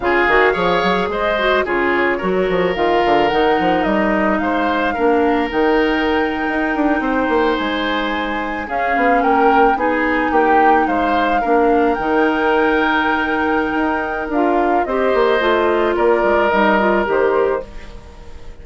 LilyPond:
<<
  \new Staff \with { instrumentName = "flute" } { \time 4/4 \tempo 4 = 109 f''2 dis''4 cis''4~ | cis''4 f''4 fis''4 dis''4 | f''2 g''2~ | g''4.~ g''16 gis''2 f''16~ |
f''8. g''4 gis''4 g''4 f''16~ | f''4.~ f''16 g''2~ g''16~ | g''2 f''4 dis''4~ | dis''4 d''4 dis''4 c''4 | }
  \new Staff \with { instrumentName = "oboe" } { \time 4/4 gis'4 cis''4 c''4 gis'4 | ais'1 | c''4 ais'2.~ | ais'8. c''2. gis'16~ |
gis'8. ais'4 gis'4 g'4 c''16~ | c''8. ais'2.~ ais'16~ | ais'2. c''4~ | c''4 ais'2. | }
  \new Staff \with { instrumentName = "clarinet" } { \time 4/4 f'8 fis'8 gis'4. fis'8 f'4 | fis'4 f'4 dis'2~ | dis'4 d'4 dis'2~ | dis'2.~ dis'8. cis'16~ |
cis'4.~ cis'16 dis'2~ dis'16~ | dis'8. d'4 dis'2~ dis'16~ | dis'2 f'4 g'4 | f'2 dis'8 f'8 g'4 | }
  \new Staff \with { instrumentName = "bassoon" } { \time 4/4 cis8 dis8 f8 fis8 gis4 cis4 | fis8 f8 dis8 d8 dis8 f8 g4 | gis4 ais4 dis4.~ dis16 dis'16~ | dis'16 d'8 c'8 ais8 gis2 cis'16~ |
cis'16 b8 ais4 b4 ais4 gis16~ | gis8. ais4 dis2~ dis16~ | dis4 dis'4 d'4 c'8 ais8 | a4 ais8 gis8 g4 dis4 | }
>>